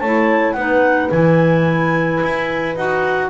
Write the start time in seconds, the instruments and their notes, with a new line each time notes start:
0.00 double bass A3, clarinet E4 A5, horn C#5
0.53 double bass B3, clarinet D#4 F#5, horn B4
1.11 double bass E3, clarinet E4 G#5
2.24 double bass E4
2.76 double bass D#4, clarinet F#4 F#5